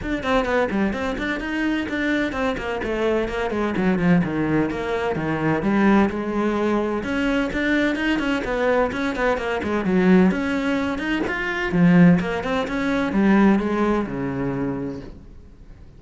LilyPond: \new Staff \with { instrumentName = "cello" } { \time 4/4 \tempo 4 = 128 d'8 c'8 b8 g8 c'8 d'8 dis'4 | d'4 c'8 ais8 a4 ais8 gis8 | fis8 f8 dis4 ais4 dis4 | g4 gis2 cis'4 |
d'4 dis'8 cis'8 b4 cis'8 b8 | ais8 gis8 fis4 cis'4. dis'8 | f'4 f4 ais8 c'8 cis'4 | g4 gis4 cis2 | }